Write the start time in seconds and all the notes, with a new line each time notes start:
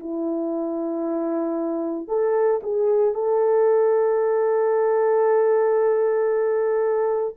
0.00 E4
2.08 A4
2.63 G#4
3.14 A4